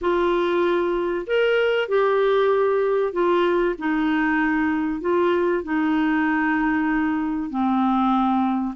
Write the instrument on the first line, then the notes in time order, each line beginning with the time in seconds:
clarinet
0.01 F4
1.26 A#4
1.88 G4
3.12 F4
3.78 D#4
5.01 F4
5.63 D#4
7.49 C4